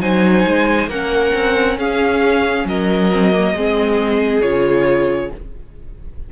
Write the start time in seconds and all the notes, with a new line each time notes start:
0.00 F#3 D#4 C5 G#5
0.47 G#3
0.87 A#3 C#4 A#4 F#5
1.34 C4
1.78 C#4 G#4 F5
2.65 F#3 A#4 D#5
3.12 C4
3.32 A#3
3.53 G#3 C4 G#4
4.42 C#3 F4 C#5